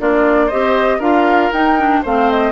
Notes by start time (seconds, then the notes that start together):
0.00 A#3 D4 F4 D5
0.47 G4 C5 D#5
0.53 C4
0.99 D4 F4 A#4 F5
1.52 D#4 G5
1.79 D4
2.03 A3 C4 C5 F5
2.31 D#5